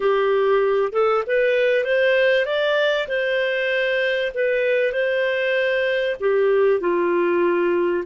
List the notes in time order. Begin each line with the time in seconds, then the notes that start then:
0.00 G4
0.92 A4
1.27 B4
1.84 C5
2.45 D5
3.08 C5
4.34 B4
4.92 C5
6.20 G4
6.80 F4